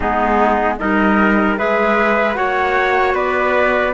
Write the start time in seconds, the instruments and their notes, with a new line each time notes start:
0.00 cello G#3, clarinet B3, trumpet D#4, flute G#4
0.77 cello G3, clarinet D#4, trumpet A#4, flute D#5
1.57 cello G#3, clarinet G#4, trumpet B4, flute E5
2.33 cello A#3, clarinet F#4, trumpet C#5, flute F#5
3.14 cello B3, trumpet B4, flute D5